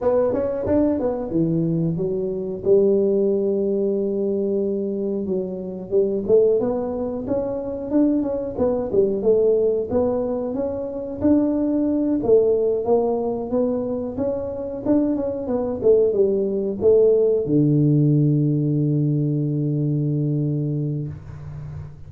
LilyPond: \new Staff \with { instrumentName = "tuba" } { \time 4/4 \tempo 4 = 91 b8 cis'8 d'8 b8 e4 fis4 | g1 | fis4 g8 a8 b4 cis'4 | d'8 cis'8 b8 g8 a4 b4 |
cis'4 d'4. a4 ais8~ | ais8 b4 cis'4 d'8 cis'8 b8 | a8 g4 a4 d4.~ | d1 | }